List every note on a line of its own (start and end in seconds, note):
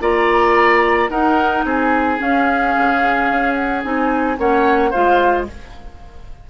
0.00 1.09 A#3
0.00 1.09 F4
0.00 1.10 D5
0.00 1.09 A#5
1.09 1.63 D#4
1.09 2.18 D#4
1.09 1.65 A#4
1.09 1.64 F#5
1.64 2.19 C4
1.64 4.38 G#4
1.64 2.21 G#5
2.18 3.82 C#4
2.18 2.75 C#4
2.18 3.54 F5
2.77 3.31 C#3
3.31 3.84 C#4
3.54 3.81 F#5
3.82 4.38 C4
3.82 4.37 D#4
3.82 4.38 G#5
4.37 4.92 A#3
4.37 4.92 C#4
4.37 4.90 C#5
4.37 4.90 F#5
4.90 5.50 G#3
4.90 5.47 F4
4.90 5.45 C5
4.90 5.45 F5